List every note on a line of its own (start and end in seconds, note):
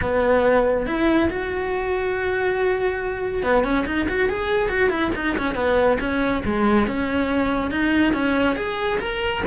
0.01 0.86 B3
0.86 1.29 E4
1.30 3.43 F#4
3.43 3.64 B3
3.64 3.85 C#4
3.86 4.07 D#4
4.08 4.29 F#4
4.29 4.69 G#4
4.69 4.90 F#4
4.90 5.11 E4
5.15 5.36 D#4
5.37 5.55 C#4
5.55 5.97 B3
5.99 6.42 C#4
6.45 6.87 G#3
6.87 7.70 C#4
7.70 8.13 D#4
8.13 8.56 C#4
8.56 8.98 G#4
8.99 9.42 A#4